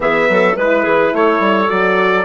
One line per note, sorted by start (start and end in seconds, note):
0.00 0.28 E3
0.00 0.57 B3
0.00 0.29 G#4
0.00 0.57 E5
0.29 0.56 F#3
0.29 0.56 A4
0.56 0.85 G#3
0.56 1.67 E4
0.56 0.83 B4
0.56 1.15 B4
0.83 1.12 E3
0.83 1.11 G#4
1.12 1.39 A3
1.12 2.25 A4
1.12 1.70 C#5
1.39 1.67 G3
1.67 2.25 F#3
1.67 2.24 F#4
1.67 2.25 D5